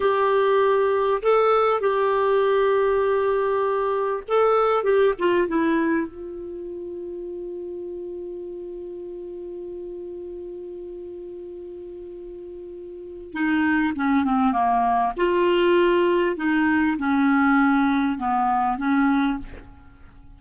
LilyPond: \new Staff \with { instrumentName = "clarinet" } { \time 4/4 \tempo 4 = 99 g'2 a'4 g'4~ | g'2. a'4 | g'8 f'8 e'4 f'2~ | f'1~ |
f'1~ | f'2 dis'4 cis'8 c'8 | ais4 f'2 dis'4 | cis'2 b4 cis'4 | }